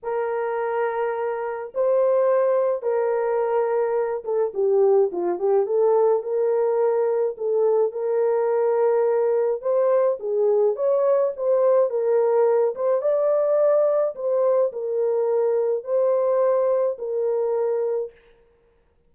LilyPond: \new Staff \with { instrumentName = "horn" } { \time 4/4 \tempo 4 = 106 ais'2. c''4~ | c''4 ais'2~ ais'8 a'8 | g'4 f'8 g'8 a'4 ais'4~ | ais'4 a'4 ais'2~ |
ais'4 c''4 gis'4 cis''4 | c''4 ais'4. c''8 d''4~ | d''4 c''4 ais'2 | c''2 ais'2 | }